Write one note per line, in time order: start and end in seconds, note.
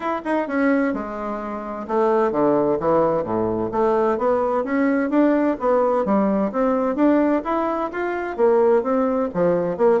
0.00 0.21 E4
0.24 0.47 D#4
0.47 0.93 C#4
0.93 1.86 G#3
1.87 2.31 A3
2.31 2.78 D3
2.79 3.23 E3
3.23 3.70 A2
3.71 4.18 A3
4.18 4.63 B3
4.63 5.10 C#4
5.10 5.56 D4
5.59 6.05 B3
6.05 6.51 G3
6.51 6.95 C4
6.95 7.42 D4
7.44 7.91 E4
7.92 8.37 F4
8.37 8.82 A#3
8.82 9.29 C4
9.34 9.77 F3
9.77 10.00 A#3